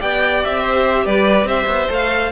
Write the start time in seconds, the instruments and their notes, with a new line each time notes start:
0.00 cello B3, viola G4, violin D5 G5
0.44 cello C4, violin E5
0.62 violin C5
1.05 cello G3, violin B4 D5
1.44 cello C4, violin C5 E5
1.66 cello B3
1.88 cello A3, viola A4, violin F5